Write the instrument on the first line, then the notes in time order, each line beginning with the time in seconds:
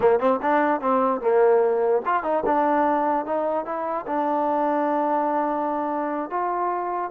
trombone
0.00 A#3
0.19 C4
0.42 D4
0.80 C4
1.21 A#3
2.05 F4
2.23 D#4
2.45 D4
3.25 D#4
3.65 E4
4.07 D4
6.29 F4